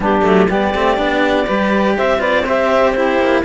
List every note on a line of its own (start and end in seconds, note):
0.00 0.24 G3
0.00 0.21 B3
0.00 0.47 D4
0.00 0.50 G4
0.21 0.48 F#3
0.21 0.46 A3
0.47 0.74 G3
0.47 0.74 B3
0.47 1.45 G4
0.47 1.98 D5
0.74 0.98 A3
0.74 0.96 C4
0.96 1.47 B3
0.96 1.45 D4
1.45 1.98 G3
1.45 2.18 G4
1.45 1.95 B4
1.97 3.18 C4
1.97 2.19 C5
1.97 2.21 E5
2.18 2.43 F4
2.18 2.43 B4
2.18 2.45 D5
2.44 2.95 G4
2.44 2.93 C5
2.44 2.91 E5
2.91 3.44 E4
2.91 3.42 G4
2.91 3.40 C5
3.18 3.42 A#3